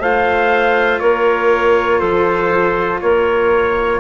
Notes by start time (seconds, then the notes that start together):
0.00 A3 F4 C5 F5
1.00 A#3 A#4 C#5
1.99 F3 A4 C5
3.01 A#3 A#4 C#5